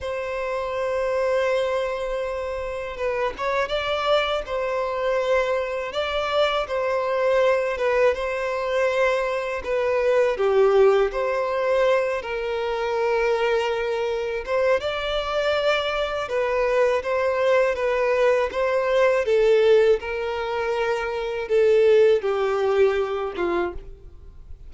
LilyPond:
\new Staff \with { instrumentName = "violin" } { \time 4/4 \tempo 4 = 81 c''1 | b'8 cis''8 d''4 c''2 | d''4 c''4. b'8 c''4~ | c''4 b'4 g'4 c''4~ |
c''8 ais'2. c''8 | d''2 b'4 c''4 | b'4 c''4 a'4 ais'4~ | ais'4 a'4 g'4. f'8 | }